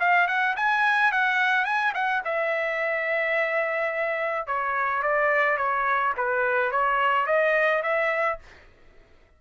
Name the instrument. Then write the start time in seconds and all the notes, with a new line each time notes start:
trumpet
0.00 F5
0.27 F#5
0.56 G#5
1.12 F#5
1.65 G#5
1.94 F#5
2.25 E5
4.47 C#5
5.03 D5
5.57 C#5
6.17 B4
6.71 C#5
7.27 D#5
7.83 E5